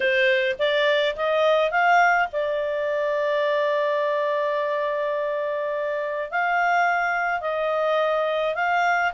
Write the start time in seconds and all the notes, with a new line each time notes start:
0.00 C5
0.58 D5
1.16 D#5
1.71 F5
2.32 D5
6.31 F5
7.40 D#5
8.54 F5